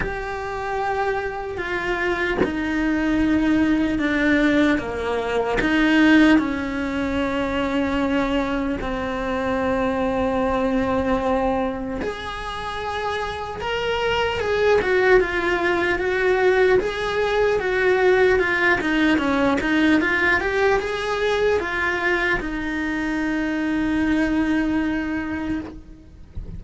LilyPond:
\new Staff \with { instrumentName = "cello" } { \time 4/4 \tempo 4 = 75 g'2 f'4 dis'4~ | dis'4 d'4 ais4 dis'4 | cis'2. c'4~ | c'2. gis'4~ |
gis'4 ais'4 gis'8 fis'8 f'4 | fis'4 gis'4 fis'4 f'8 dis'8 | cis'8 dis'8 f'8 g'8 gis'4 f'4 | dis'1 | }